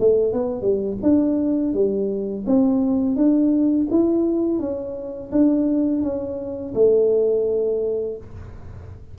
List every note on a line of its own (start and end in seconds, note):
0.00 0.33 A3
0.33 0.62 B3
0.62 0.98 G3
1.03 1.74 D4
1.74 2.45 G3
2.47 3.16 C4
3.16 3.88 D4
3.91 4.60 E4
4.60 5.31 C#4
5.32 6.02 D4
6.02 6.74 C#4
6.75 8.18 A3